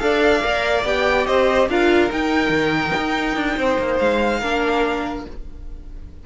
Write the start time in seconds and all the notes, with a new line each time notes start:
0.00 D4 A4 D5 F5
0.43 A#3 A#4
0.85 B3 G4 G5
1.27 C4 C5 D#5
1.69 D4 F4 A#4 F5
2.10 D#4 G5
2.50 D#3
2.98 D#4
3.36 D4
3.57 C4 C5
3.79 A#3
3.99 G#3 F5
4.40 A#3 D4 A#4